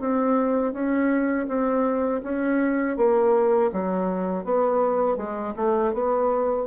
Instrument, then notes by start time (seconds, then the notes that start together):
bassoon
0.00 C4
0.73 C#4
1.47 C4
2.23 C#4
2.97 A#3
3.73 F#3
4.44 B3
5.17 G#3
5.56 A3
5.93 B3